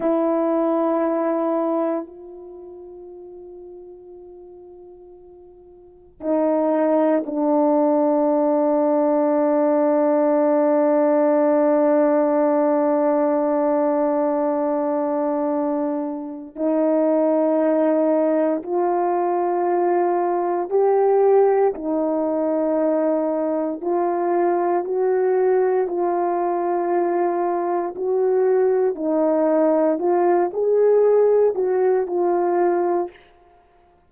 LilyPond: \new Staff \with { instrumentName = "horn" } { \time 4/4 \tempo 4 = 58 e'2 f'2~ | f'2 dis'4 d'4~ | d'1~ | d'1 |
dis'2 f'2 | g'4 dis'2 f'4 | fis'4 f'2 fis'4 | dis'4 f'8 gis'4 fis'8 f'4 | }